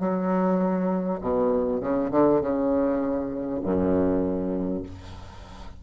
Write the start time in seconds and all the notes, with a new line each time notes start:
0.00 F#3
1.21 B2
1.81 C#3
2.11 D3
2.41 C#3
3.63 F#2